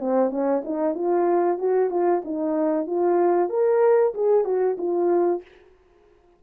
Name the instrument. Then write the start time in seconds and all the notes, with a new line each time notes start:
horn
0.00 C4
0.30 C#4
0.65 D#4
0.95 F4
1.58 F#4
1.91 F4
2.25 D#4
2.87 F4
3.50 A#4
4.15 G#4
4.45 F#4
4.78 F4